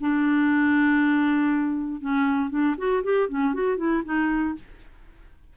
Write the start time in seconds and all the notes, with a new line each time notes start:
0.00 D4
2.00 C#4
2.50 D4
2.77 F#4
3.03 G4
3.28 C#4
3.53 F#4
3.77 E4
4.04 D#4